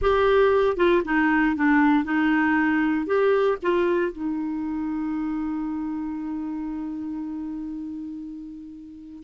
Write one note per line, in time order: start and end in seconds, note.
0.01 0.76 G4
0.76 1.02 F4
1.04 1.55 D#4
1.55 2.04 D4
2.04 3.06 D#4
3.06 3.57 G4
3.62 4.12 F4
4.12 9.23 D#4